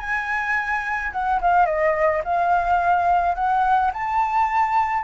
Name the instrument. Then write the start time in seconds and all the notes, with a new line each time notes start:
flute
0.00 G#5
1.12 F#5
1.42 F5
1.66 D#5
2.25 F5
3.35 F#5
3.94 A5